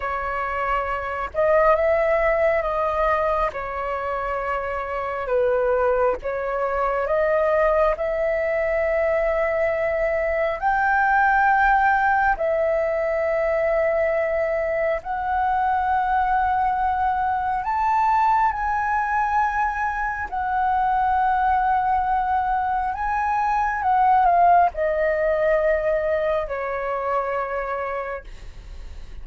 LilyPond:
\new Staff \with { instrumentName = "flute" } { \time 4/4 \tempo 4 = 68 cis''4. dis''8 e''4 dis''4 | cis''2 b'4 cis''4 | dis''4 e''2. | g''2 e''2~ |
e''4 fis''2. | a''4 gis''2 fis''4~ | fis''2 gis''4 fis''8 f''8 | dis''2 cis''2 | }